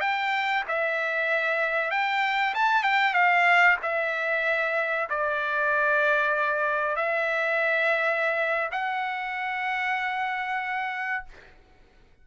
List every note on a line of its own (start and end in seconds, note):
0.00 0.63 G5
0.67 1.91 E5
1.91 2.54 G5
2.54 2.83 A5
2.83 3.13 G5
3.13 3.76 F5
3.82 5.08 E5
5.09 6.95 D5
6.95 8.69 E5
8.71 11.24 F#5